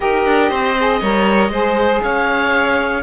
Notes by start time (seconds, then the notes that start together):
0.00 D#4 G4 A#4 D#5
0.25 D4
0.49 C4 C5
0.79 G#4
1.00 G3 A#4 C#5
1.49 G#3 G#4 C5
2.02 C#4 C#5 F5